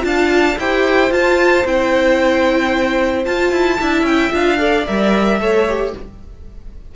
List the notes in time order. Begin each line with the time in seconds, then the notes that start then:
0.00 D4 F4 F5 A5
0.58 E4 G4 C5 G5
1.10 F4 A5
1.65 C4 E4 G5
3.24 F4 A5
3.52 E4
3.78 D4 E4 E5
4.02 C#4 G5
4.31 D4 F4 F5
4.57 A4 D5
4.86 G3 A#4 E5
5.39 A3 A4 C#5
5.68 G4